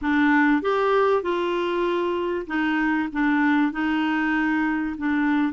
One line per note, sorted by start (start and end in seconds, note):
0.01 0.62 D4
0.62 1.22 G4
1.22 2.46 F4
2.46 3.08 D#4
3.12 3.72 D4
3.72 4.95 D#4
4.97 5.52 D4